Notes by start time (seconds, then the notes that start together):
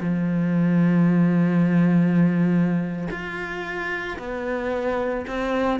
0.00 F3
3.10 F4
4.19 B3
5.27 C4